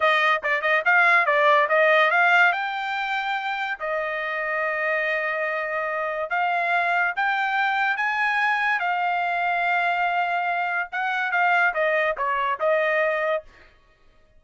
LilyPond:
\new Staff \with { instrumentName = "trumpet" } { \time 4/4 \tempo 4 = 143 dis''4 d''8 dis''8 f''4 d''4 | dis''4 f''4 g''2~ | g''4 dis''2.~ | dis''2. f''4~ |
f''4 g''2 gis''4~ | gis''4 f''2.~ | f''2 fis''4 f''4 | dis''4 cis''4 dis''2 | }